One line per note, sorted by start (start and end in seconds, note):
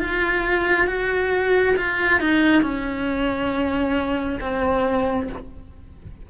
0.00 0.87 F4
0.87 1.76 F#4
1.77 2.21 F4
2.21 2.63 D#4
2.63 4.39 C#4
4.41 5.29 C4